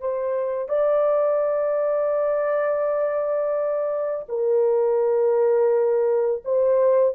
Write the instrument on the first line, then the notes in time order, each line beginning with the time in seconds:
horn
0.00 C5
0.68 D5
4.28 A#4
6.44 C5